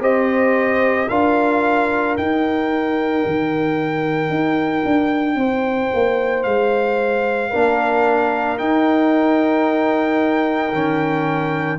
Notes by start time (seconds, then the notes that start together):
0.00 C4 G4 C5 D#5
1.09 D4 F4 A#4 F5
2.17 D#4 G5
3.26 D#3
4.30 D#4
4.85 D4
5.36 C4 C5
5.94 A#3
6.44 G#3 F5
7.50 A#3 D4 A#4
8.58 D#4 G5
10.73 D#3 C#4